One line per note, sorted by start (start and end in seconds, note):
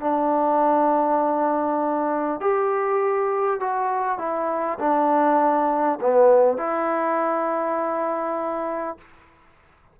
0.00 2.40 D4
2.40 3.60 G4
3.60 4.18 F#4
4.18 4.78 E4
4.79 5.99 D4
6.01 6.57 B3
6.57 8.97 E4